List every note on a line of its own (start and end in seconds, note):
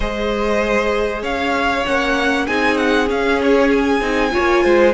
0.00 1.22 G#3
0.00 1.85 G#4
0.00 1.22 C5
0.00 1.23 D#5
1.22 1.84 C#4
1.22 2.46 C#5
1.22 1.85 F5
1.85 2.48 A#3
1.85 2.47 C#4
1.85 2.46 F#5
2.46 3.09 C4
2.46 3.07 D#4
2.46 4.32 G#4
2.46 2.77 G#5
2.77 3.08 F#5
3.07 3.99 C#4
3.07 4.00 C#4
3.07 3.41 F5
3.42 3.70 C#5
3.70 4.94 G#5
4.00 4.31 C4
4.00 4.30 D#4
4.30 4.92 F4
4.30 4.63 C#5
4.37 4.65 A#3
4.63 4.94 G#3
4.63 4.94 C5